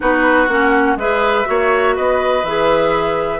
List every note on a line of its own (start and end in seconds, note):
0.00 0.48 B3
0.00 0.47 D#4
0.00 0.98 F#4
0.00 0.48 B4
0.48 0.95 A#3
0.48 0.98 C#4
0.48 0.96 F#5
0.95 1.44 G#3
0.95 1.44 G#4
0.95 1.48 B4
0.95 1.96 E5
1.44 1.97 A#3
1.44 2.42 F#4
1.44 1.95 C#5
1.95 2.43 B3
1.95 3.39 B4
1.95 2.44 D#5
2.43 3.39 E3
2.43 3.39 G#4
2.43 3.39 E5